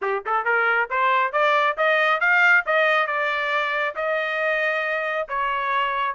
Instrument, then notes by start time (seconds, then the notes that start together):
trumpet
0.01 G4
0.25 A4
0.45 A#4
0.90 C5
1.32 D5
1.77 D#5
2.20 F5
2.66 D#5
3.06 D5
3.95 D#5
5.28 C#5